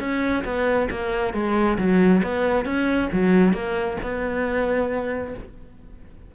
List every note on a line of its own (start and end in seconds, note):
0.00 0.44 C#4
0.45 0.89 B3
0.91 1.34 A#3
1.34 1.78 G#3
1.78 2.23 F#3
2.24 2.66 B3
2.66 3.10 C#4
3.13 3.54 F#3
3.54 3.98 A#3
4.03 5.35 B3